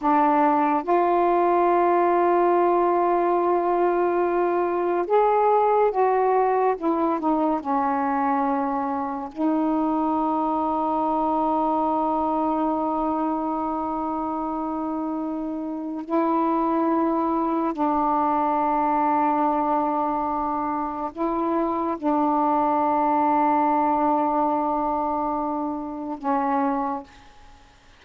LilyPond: \new Staff \with { instrumentName = "saxophone" } { \time 4/4 \tempo 4 = 71 d'4 f'2.~ | f'2 gis'4 fis'4 | e'8 dis'8 cis'2 dis'4~ | dis'1~ |
dis'2. e'4~ | e'4 d'2.~ | d'4 e'4 d'2~ | d'2. cis'4 | }